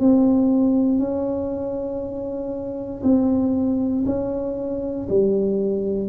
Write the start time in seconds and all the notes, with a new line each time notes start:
0.00 C4
0.99 C#4
3.04 C4
4.06 C#4
5.10 G3